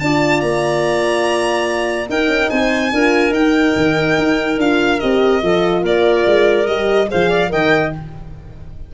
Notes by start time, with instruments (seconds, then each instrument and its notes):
0.00 tuba D4, horn F4, clarinet D5, violin A5
0.41 tuba A#3, violin A#5
2.09 horn D#4, tuba D#4, clarinet A#4, violin G5
2.28 tuba C#4
2.50 tuba C4, clarinet C5, violin G#5
2.92 tuba D4, horn F4, clarinet A#4
3.30 tuba D#4, horn D#4, violin G5
3.77 tuba D#3
4.18 tuba D#4
4.58 tuba D4, horn F4, violin F5
5.00 tuba C4, horn G4, violin D#5
5.42 tuba F3, horn F4, clarinet A4
5.82 tuba A#3, clarinet A#4, violin D5
6.26 tuba G#3
6.67 tuba G3, horn G4, violin D#5
7.08 tuba F3, horn G#4, clarinet C5, violin F5
7.30 clarinet D5
7.49 tuba D#3, horn A#4, clarinet D#5, violin G5